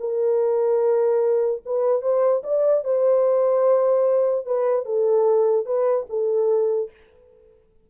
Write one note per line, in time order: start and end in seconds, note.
0.00 1.62 A#4
1.66 2.02 B4
2.02 2.43 C5
2.44 2.85 D5
2.85 4.46 C5
4.46 4.86 B4
4.86 5.66 A4
5.66 6.07 B4
6.10 6.91 A4